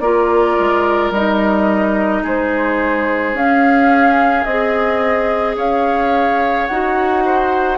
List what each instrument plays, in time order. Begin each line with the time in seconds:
0.00 bassoon A#3, clarinet F4, oboe A#4, flute D5
0.59 bassoon G#3
1.11 bassoon G3, clarinet D#4, flute D#5
2.23 bassoon G#3, oboe G#4, flute C5
3.34 bassoon C#4, clarinet C#4, flute F5
4.44 bassoon C4, clarinet G#4, flute D#5
5.57 bassoon C#4, oboe C#5, flute F5
6.67 bassoon D#4, clarinet F#4, flute F#5
7.25 oboe C5